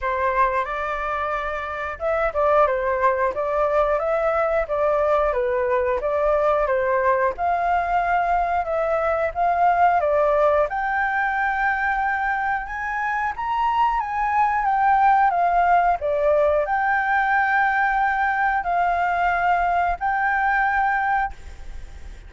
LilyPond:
\new Staff \with { instrumentName = "flute" } { \time 4/4 \tempo 4 = 90 c''4 d''2 e''8 d''8 | c''4 d''4 e''4 d''4 | b'4 d''4 c''4 f''4~ | f''4 e''4 f''4 d''4 |
g''2. gis''4 | ais''4 gis''4 g''4 f''4 | d''4 g''2. | f''2 g''2 | }